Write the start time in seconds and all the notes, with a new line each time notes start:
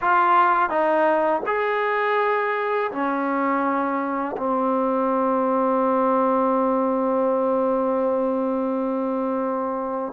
0.01 F4
0.69 D#4
1.46 G#4
2.91 C#4
4.37 C4